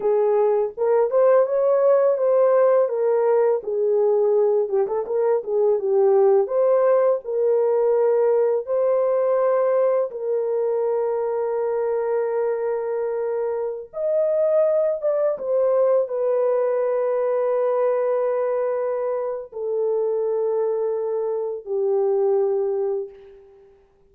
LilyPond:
\new Staff \with { instrumentName = "horn" } { \time 4/4 \tempo 4 = 83 gis'4 ais'8 c''8 cis''4 c''4 | ais'4 gis'4. g'16 a'16 ais'8 gis'8 | g'4 c''4 ais'2 | c''2 ais'2~ |
ais'2.~ ais'16 dis''8.~ | dis''8. d''8 c''4 b'4.~ b'16~ | b'2. a'4~ | a'2 g'2 | }